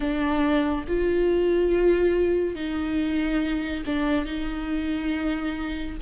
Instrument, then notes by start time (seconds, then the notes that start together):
viola
0.00 D4
0.87 F4
2.55 D#4
3.86 D4
4.25 D#4